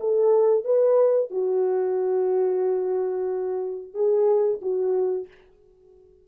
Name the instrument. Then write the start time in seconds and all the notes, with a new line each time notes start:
horn
0.00 A4
0.64 B4
1.30 F#4
3.94 G#4
4.62 F#4